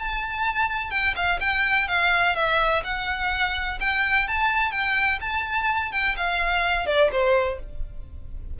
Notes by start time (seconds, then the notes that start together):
0.00 A5
0.91 G5
1.16 F5
1.41 G5
1.88 F5
2.36 E5
2.84 F#5
3.81 G5
4.28 A5
4.72 G5
5.21 A5
5.92 G5
6.17 F5
6.87 D5
7.12 C5